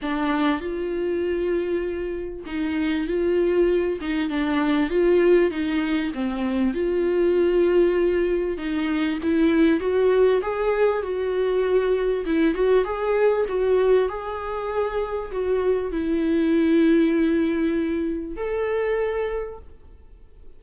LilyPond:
\new Staff \with { instrumentName = "viola" } { \time 4/4 \tempo 4 = 98 d'4 f'2. | dis'4 f'4. dis'8 d'4 | f'4 dis'4 c'4 f'4~ | f'2 dis'4 e'4 |
fis'4 gis'4 fis'2 | e'8 fis'8 gis'4 fis'4 gis'4~ | gis'4 fis'4 e'2~ | e'2 a'2 | }